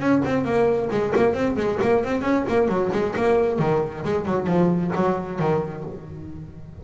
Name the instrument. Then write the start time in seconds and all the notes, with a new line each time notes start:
double bass
0.00 C#4
0.25 C4
0.45 A#3
0.91 G#3
1.16 A#3
1.34 C4
1.57 G#3
1.82 A#3
2.05 C4
2.22 C#4
2.49 A#3
2.68 F#3
2.93 G#3
3.16 A#3
3.59 D#3
4.05 G#3
4.26 F#3
4.47 F3
4.96 F#3
5.40 D#3